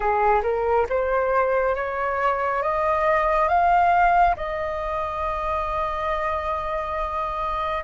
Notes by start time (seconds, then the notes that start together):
0.00 G#4
0.42 A#4
0.89 C5
1.75 C#5
2.62 D#5
3.48 F5
4.36 D#5